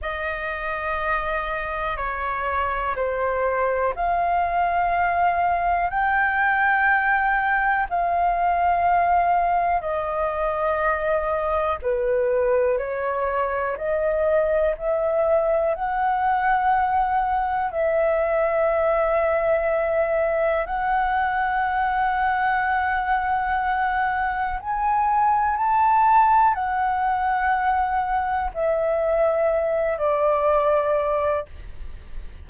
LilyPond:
\new Staff \with { instrumentName = "flute" } { \time 4/4 \tempo 4 = 61 dis''2 cis''4 c''4 | f''2 g''2 | f''2 dis''2 | b'4 cis''4 dis''4 e''4 |
fis''2 e''2~ | e''4 fis''2.~ | fis''4 gis''4 a''4 fis''4~ | fis''4 e''4. d''4. | }